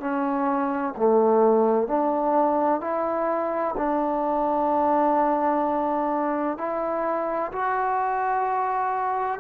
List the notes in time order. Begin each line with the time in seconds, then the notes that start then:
0.00 C#4
0.97 A3
1.87 D4
2.81 E4
3.77 D4
6.58 E4
7.52 F#4